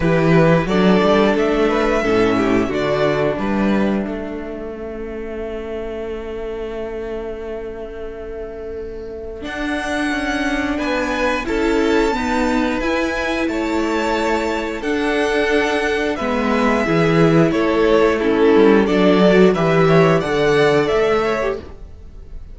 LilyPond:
<<
  \new Staff \with { instrumentName = "violin" } { \time 4/4 \tempo 4 = 89 b'4 d''4 e''2 | d''4 e''2.~ | e''1~ | e''2 fis''2 |
gis''4 a''2 gis''4 | a''2 fis''2 | e''2 cis''4 a'4 | d''4 e''4 fis''4 e''4 | }
  \new Staff \with { instrumentName = "violin" } { \time 4/4 g'4 a'4. b'8 a'8 g'8 | fis'4 b'4 a'2~ | a'1~ | a'1 |
b'4 a'4 b'2 | cis''2 a'2 | b'4 gis'4 a'4 e'4 | a'4 b'8 cis''8 d''4. cis''8 | }
  \new Staff \with { instrumentName = "viola" } { \time 4/4 e'4 d'2 cis'4 | d'2. cis'4~ | cis'1~ | cis'2 d'2~ |
d'4 e'4 b4 e'4~ | e'2 d'2 | b4 e'2 cis'4 | d'8 fis'8 g'4 a'4.~ a'16 g'16 | }
  \new Staff \with { instrumentName = "cello" } { \time 4/4 e4 fis8 g8 a4 a,4 | d4 g4 a2~ | a1~ | a2 d'4 cis'4 |
b4 cis'4 dis'4 e'4 | a2 d'2 | gis4 e4 a4. g8 | fis4 e4 d4 a4 | }
>>